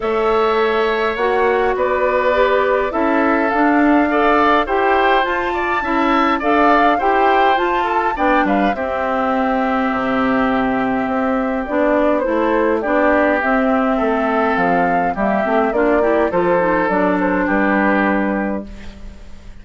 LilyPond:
<<
  \new Staff \with { instrumentName = "flute" } { \time 4/4 \tempo 4 = 103 e''2 fis''4 d''4~ | d''4 e''4 f''2 | g''4 a''2 f''4 | g''4 a''4 g''8 f''8 e''4~ |
e''1 | d''4 c''4 d''4 e''4~ | e''4 f''4 e''4 d''4 | c''4 d''8 c''8 b'2 | }
  \new Staff \with { instrumentName = "oboe" } { \time 4/4 cis''2. b'4~ | b'4 a'2 d''4 | c''4. d''8 e''4 d''4 | c''4. a'8 d''8 b'8 g'4~ |
g'1~ | g'4 a'4 g'2 | a'2 g'4 f'8 g'8 | a'2 g'2 | }
  \new Staff \with { instrumentName = "clarinet" } { \time 4/4 a'2 fis'2 | g'4 e'4 d'4 a'4 | g'4 f'4 e'4 a'4 | g'4 f'4 d'4 c'4~ |
c'1 | d'4 e'4 d'4 c'4~ | c'2 ais8 c'8 d'8 e'8 | f'8 dis'8 d'2. | }
  \new Staff \with { instrumentName = "bassoon" } { \time 4/4 a2 ais4 b4~ | b4 cis'4 d'2 | e'4 f'4 cis'4 d'4 | e'4 f'4 b8 g8 c'4~ |
c'4 c2 c'4 | b4 a4 b4 c'4 | a4 f4 g8 a8 ais4 | f4 fis4 g2 | }
>>